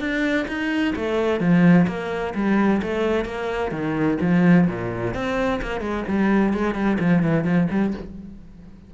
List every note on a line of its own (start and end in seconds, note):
0.00 0.47 D4
0.48 0.95 D#4
0.96 1.40 A3
1.40 1.87 F3
1.87 2.34 A#3
2.35 2.81 G3
2.82 3.25 A3
3.25 3.72 A#3
3.72 4.18 D#3
4.21 4.68 F3
4.68 5.14 A#2
5.14 5.61 C4
5.62 5.81 A#3
5.81 6.04 G#3
6.08 6.53 G3
6.53 6.75 G#3
6.75 6.98 G3
7.00 7.23 F3
7.23 7.44 E3
7.44 7.68 F3
7.71 7.94 G3